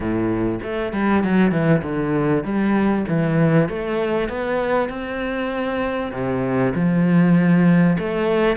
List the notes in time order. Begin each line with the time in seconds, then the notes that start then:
0.00 A2
0.63 A3
0.92 G3
1.23 F#3
1.51 E3
1.82 D3
2.44 G3
3.08 E3
3.68 A3
4.29 B3
4.89 C4
6.12 C3
6.74 F3
7.98 A3